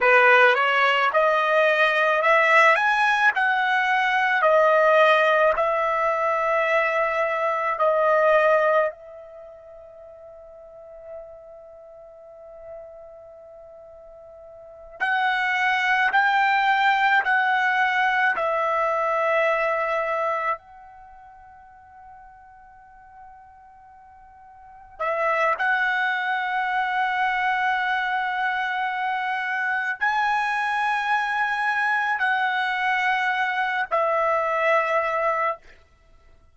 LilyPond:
\new Staff \with { instrumentName = "trumpet" } { \time 4/4 \tempo 4 = 54 b'8 cis''8 dis''4 e''8 gis''8 fis''4 | dis''4 e''2 dis''4 | e''1~ | e''4. fis''4 g''4 fis''8~ |
fis''8 e''2 fis''4.~ | fis''2~ fis''8 e''8 fis''4~ | fis''2. gis''4~ | gis''4 fis''4. e''4. | }